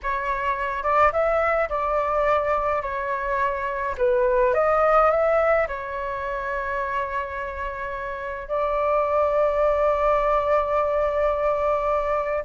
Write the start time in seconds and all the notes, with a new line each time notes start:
0.02 C#5
0.83 D5
1.12 E5
1.69 D5
2.82 C#5
3.97 B4
4.54 D#5
5.10 E5
5.67 C#5
8.48 D5